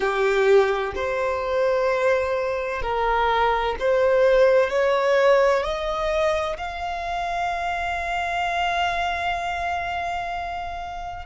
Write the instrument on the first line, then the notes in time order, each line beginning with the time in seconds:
violin
0.00 G4
0.95 C5
2.82 A#4
3.79 C5
4.70 C#5
5.62 D#5
6.57 F5